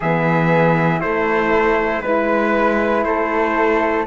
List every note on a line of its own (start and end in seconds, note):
0.00 1.02 E3
0.00 1.02 B3
0.00 0.99 G#4
0.00 1.00 E5
0.99 2.02 A3
0.99 2.04 A3
0.99 2.01 E4
0.99 2.01 C5
2.01 3.05 G#3
2.01 4.06 E4
2.01 3.03 B4
2.01 3.05 B4
3.04 4.07 A3
3.04 4.07 A4
3.04 4.06 C5